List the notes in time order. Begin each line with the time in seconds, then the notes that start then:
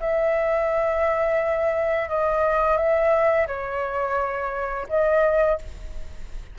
0.00 E5
2.09 D#5
2.77 E5
3.47 C#5
4.89 D#5